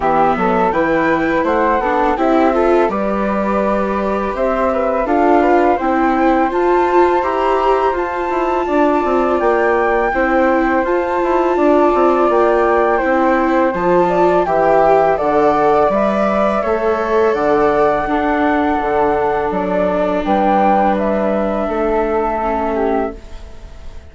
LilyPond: <<
  \new Staff \with { instrumentName = "flute" } { \time 4/4 \tempo 4 = 83 e''4 g''4 fis''4 e''4 | d''2 e''4 f''4 | g''4 a''4 ais''4 a''4~ | a''4 g''2 a''4~ |
a''4 g''2 a''4 | g''4 fis''4 e''2 | fis''2. d''4 | g''4 e''2. | }
  \new Staff \with { instrumentName = "flute" } { \time 4/4 g'8 a'8 b'4 c''8 a'8 g'8 a'8 | b'2 c''8 b'8 a'8 b'8 | c''1 | d''2 c''2 |
d''2 c''4. d''8 | e''4 d''2 cis''4 | d''4 a'2. | b'2 a'4. g'8 | }
  \new Staff \with { instrumentName = "viola" } { \time 4/4 b4 e'4. d'8 e'8 f'8 | g'2. f'4 | e'4 f'4 g'4 f'4~ | f'2 e'4 f'4~ |
f'2 e'4 f'4 | g'4 a'4 b'4 a'4~ | a'4 d'2.~ | d'2. cis'4 | }
  \new Staff \with { instrumentName = "bassoon" } { \time 4/4 e8 fis8 e4 a8 b8 c'4 | g2 c'4 d'4 | c'4 f'4 e'4 f'8 e'8 | d'8 c'8 ais4 c'4 f'8 e'8 |
d'8 c'8 ais4 c'4 f4 | e4 d4 g4 a4 | d4 d'4 d4 fis4 | g2 a2 | }
>>